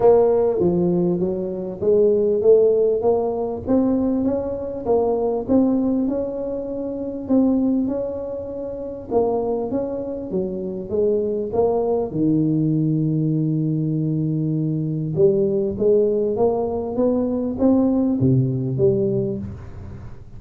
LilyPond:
\new Staff \with { instrumentName = "tuba" } { \time 4/4 \tempo 4 = 99 ais4 f4 fis4 gis4 | a4 ais4 c'4 cis'4 | ais4 c'4 cis'2 | c'4 cis'2 ais4 |
cis'4 fis4 gis4 ais4 | dis1~ | dis4 g4 gis4 ais4 | b4 c'4 c4 g4 | }